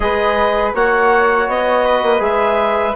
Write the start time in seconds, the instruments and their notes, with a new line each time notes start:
0.00 bassoon G#3, trombone G#4, flute B4, clarinet D#5
0.74 bassoon A#3, trombone F#4, flute C#5, clarinet F#5
1.48 bassoon B3, clarinet D#5
1.85 flute B4
2.02 bassoon A#3
2.18 bassoon G#3, trombone G#4, clarinet E5